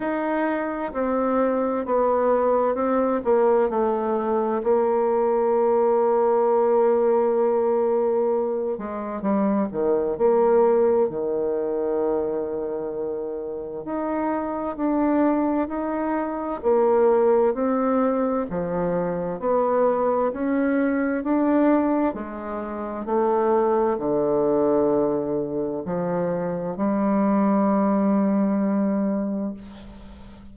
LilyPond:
\new Staff \with { instrumentName = "bassoon" } { \time 4/4 \tempo 4 = 65 dis'4 c'4 b4 c'8 ais8 | a4 ais2.~ | ais4. gis8 g8 dis8 ais4 | dis2. dis'4 |
d'4 dis'4 ais4 c'4 | f4 b4 cis'4 d'4 | gis4 a4 d2 | f4 g2. | }